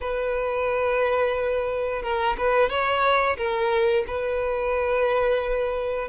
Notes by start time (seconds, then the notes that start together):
0.01 B4
2.02 A#4
2.37 B4
2.69 C#5
3.37 A#4
4.07 B4